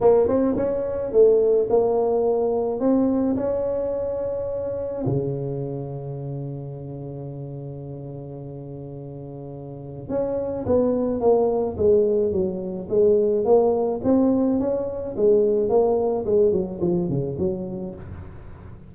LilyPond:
\new Staff \with { instrumentName = "tuba" } { \time 4/4 \tempo 4 = 107 ais8 c'8 cis'4 a4 ais4~ | ais4 c'4 cis'2~ | cis'4 cis2.~ | cis1~ |
cis2 cis'4 b4 | ais4 gis4 fis4 gis4 | ais4 c'4 cis'4 gis4 | ais4 gis8 fis8 f8 cis8 fis4 | }